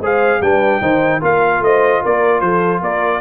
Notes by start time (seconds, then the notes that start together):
0.00 G#3 G#4 C5 F5
0.41 G3 D4 B4 G5
0.81 D#3 D#4 C5
1.21 A#3 F4 A#4 F5
1.60 A3 C5 D#5
2.03 A#3 A#4 D5
2.41 F3 A4 C5
2.81 A#3 A#4 D5